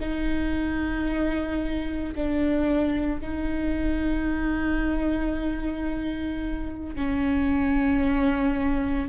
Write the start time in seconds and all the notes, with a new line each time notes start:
0.00 D#4
2.15 D4
3.21 D#4
6.95 C#4